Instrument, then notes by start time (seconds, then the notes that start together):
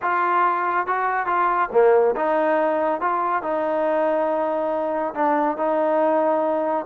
trombone
0.01 F4
0.86 F#4
1.26 F4
1.72 A#3
2.15 D#4
3.00 F4
3.42 D#4
5.14 D4
5.57 D#4